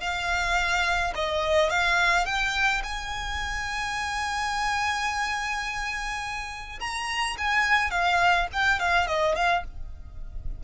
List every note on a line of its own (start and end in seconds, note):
0.00 1.13 F5
1.15 1.70 D#5
1.70 2.25 F5
2.25 2.82 G5
2.83 6.79 G#5
6.80 7.36 A#5
7.38 7.91 G#5
7.91 8.47 F5
8.52 8.79 G5
8.79 9.07 F5
9.07 9.35 D#5
9.35 9.64 F5